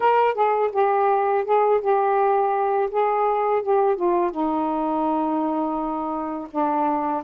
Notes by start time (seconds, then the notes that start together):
0.00 A#4
0.34 G#4
0.72 G4
1.44 G#4
1.81 G4
2.90 G#4
3.62 G4
3.96 F4
4.31 D#4
6.51 D4